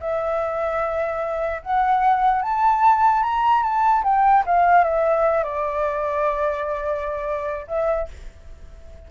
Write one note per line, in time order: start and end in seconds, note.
0.00 1.62 E5
1.62 2.42 F#5
2.42 3.23 A5
3.23 3.63 A#5
3.63 4.03 A5
4.04 4.44 G5
4.46 4.84 F5
4.84 5.43 E5
5.43 7.66 D5
7.68 8.08 E5